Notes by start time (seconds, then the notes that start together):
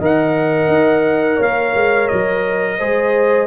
0.00 D#3 A#4 D#5 F#5
0.68 D#4
1.37 A#3 C#5 F5
1.75 G#3
2.08 F#3 D#5
2.78 G#3 G#4 C5